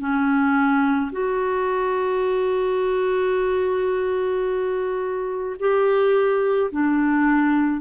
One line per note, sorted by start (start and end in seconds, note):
0.00 1.11 C#4
1.12 5.57 F#4
5.60 6.71 G4
6.72 7.81 D4